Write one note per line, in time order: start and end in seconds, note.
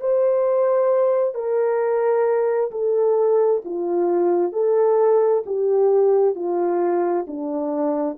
0.00 1.34 C5
1.34 2.71 A#4
2.71 3.62 A4
3.65 4.52 F4
4.52 5.43 A4
5.46 6.36 G4
6.36 7.26 F4
7.27 8.18 D4